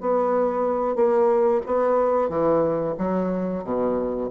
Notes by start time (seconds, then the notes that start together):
0.00 B3
0.95 A#3
1.66 B3
2.29 E3
2.98 F#3
3.64 B2